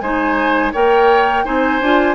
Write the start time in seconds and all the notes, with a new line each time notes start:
0.00 G#3 D#4 C5 G#5
0.72 A#3 A#4 C#5 G5
1.45 C4 D#4 C5 G#5
1.80 D4 F4